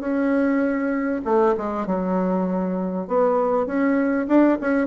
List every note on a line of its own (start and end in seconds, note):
0.00 1.21 C#4
1.25 1.55 A3
1.58 1.87 G#3
1.87 3.08 F#3
3.08 3.67 B3
3.67 4.27 C#4
4.28 4.58 D4
4.61 4.88 C#4